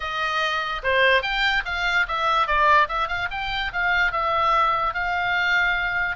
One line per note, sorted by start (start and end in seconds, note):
0.00 0.81 D#5
0.83 1.22 C5
1.22 1.63 G5
1.65 2.06 F5
2.08 2.47 E5
2.47 2.88 D5
2.88 3.07 E5
3.07 3.28 F5
3.30 3.71 G5
3.72 4.12 F5
4.12 4.94 E5
4.94 6.16 F5